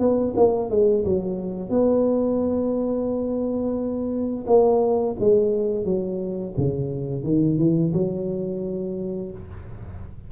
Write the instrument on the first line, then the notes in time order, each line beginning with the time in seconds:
tuba
0.00 B3
0.37 A#3
0.70 G#3
1.05 F#3
1.70 B3
4.47 A#3
5.20 G#3
5.85 F#3
6.57 C#3
7.24 D#3
7.58 E3
7.94 F#3